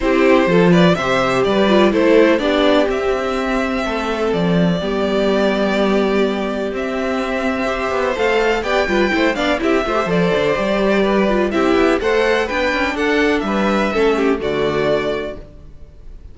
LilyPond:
<<
  \new Staff \with { instrumentName = "violin" } { \time 4/4 \tempo 4 = 125 c''4. d''8 e''4 d''4 | c''4 d''4 e''2~ | e''4 d''2.~ | d''2 e''2~ |
e''4 f''4 g''4. f''8 | e''4 d''2. | e''4 fis''4 g''4 fis''4 | e''2 d''2 | }
  \new Staff \with { instrumentName = "violin" } { \time 4/4 g'4 a'8 b'8 c''4 b'4 | a'4 g'2. | a'2 g'2~ | g'1 |
c''2 d''8 b'8 c''8 d''8 | g'8 c''2~ c''8 b'4 | g'4 c''4 b'4 a'4 | b'4 a'8 g'8 fis'2 | }
  \new Staff \with { instrumentName = "viola" } { \time 4/4 e'4 f'4 g'4. f'8 | e'4 d'4 c'2~ | c'2 b2~ | b2 c'2 |
g'4 a'4 g'8 f'8 e'8 d'8 | e'8 f'16 g'16 a'4 g'4. f'8 | e'4 a'4 d'2~ | d'4 cis'4 a2 | }
  \new Staff \with { instrumentName = "cello" } { \time 4/4 c'4 f4 c4 g4 | a4 b4 c'2 | a4 f4 g2~ | g2 c'2~ |
c'8 b8 a4 b8 g8 a8 b8 | c'8 a8 f8 d8 g2 | c'8 b8 a4 b8 cis'8 d'4 | g4 a4 d2 | }
>>